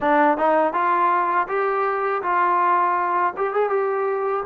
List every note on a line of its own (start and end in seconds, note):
0.00 0.37 D4
0.37 0.73 D#4
0.73 1.47 F4
1.47 2.22 G4
2.22 3.33 F4
3.36 3.54 G4
3.54 3.69 G#4
3.69 4.43 G4